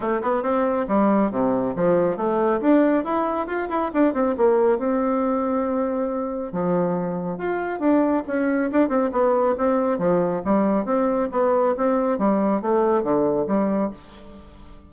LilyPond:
\new Staff \with { instrumentName = "bassoon" } { \time 4/4 \tempo 4 = 138 a8 b8 c'4 g4 c4 | f4 a4 d'4 e'4 | f'8 e'8 d'8 c'8 ais4 c'4~ | c'2. f4~ |
f4 f'4 d'4 cis'4 | d'8 c'8 b4 c'4 f4 | g4 c'4 b4 c'4 | g4 a4 d4 g4 | }